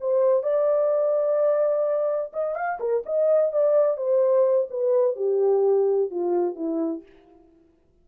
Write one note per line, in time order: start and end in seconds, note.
0.00 0.43 C5
0.43 2.31 D5
2.33 2.55 D#5
2.55 2.79 F5
2.80 3.03 A#4
3.06 3.52 D#5
3.52 3.97 D5
3.97 4.68 C5
4.70 5.16 B4
5.16 6.10 G4
6.11 6.55 F4
6.55 7.03 E4